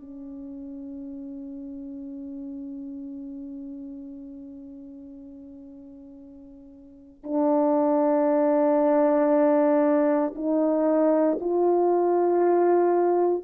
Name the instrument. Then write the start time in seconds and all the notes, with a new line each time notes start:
horn
0.00 C#4
7.24 D4
10.35 D#4
11.40 F4